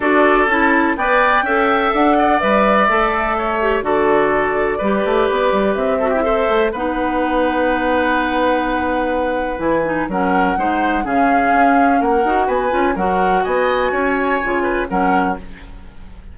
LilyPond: <<
  \new Staff \with { instrumentName = "flute" } { \time 4/4 \tempo 4 = 125 d''4 a''4 g''2 | fis''4 e''2. | d''1 | e''2 fis''2~ |
fis''1 | gis''4 fis''2 f''4~ | f''4 fis''4 gis''4 fis''4 | gis''2. fis''4 | }
  \new Staff \with { instrumentName = "oboe" } { \time 4/4 a'2 d''4 e''4~ | e''8 d''2~ d''8 cis''4 | a'2 b'2~ | b'8 a'16 g'16 c''4 b'2~ |
b'1~ | b'4 ais'4 c''4 gis'4~ | gis'4 ais'4 b'4 ais'4 | dis''4 cis''4. b'8 ais'4 | }
  \new Staff \with { instrumentName = "clarinet" } { \time 4/4 fis'4 e'4 b'4 a'4~ | a'4 b'4 a'4. g'8 | fis'2 g'2~ | g'8 fis'16 e'16 a'4 dis'2~ |
dis'1 | e'8 dis'8 cis'4 dis'4 cis'4~ | cis'4. fis'4 f'8 fis'4~ | fis'2 f'4 cis'4 | }
  \new Staff \with { instrumentName = "bassoon" } { \time 4/4 d'4 cis'4 b4 cis'4 | d'4 g4 a2 | d2 g8 a8 b8 g8 | c'4. a8 b2~ |
b1 | e4 fis4 gis4 cis4 | cis'4 ais8 dis'8 b8 cis'8 fis4 | b4 cis'4 cis4 fis4 | }
>>